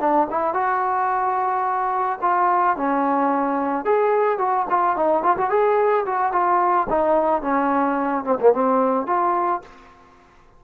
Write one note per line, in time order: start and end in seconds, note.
0.00 0.28 D4
0.30 0.54 E4
0.54 2.19 F#4
2.22 2.77 F4
2.77 3.85 C#4
3.85 4.38 G#4
4.38 4.66 F#4
4.70 4.96 F4
4.96 5.23 D#4
5.23 5.37 F4
5.37 5.50 F#4
5.50 6.05 G#4
6.06 6.33 F#4
6.33 6.88 F4
6.90 7.42 D#4
7.42 8.24 C#4
8.24 8.38 C4
8.40 8.53 A#3
8.53 9.07 C4
9.07 9.62 F4